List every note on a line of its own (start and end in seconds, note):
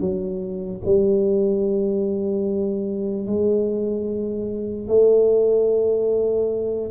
0.00 0.81 F#3
0.86 3.27 G3
3.27 4.88 G#3
4.88 6.91 A3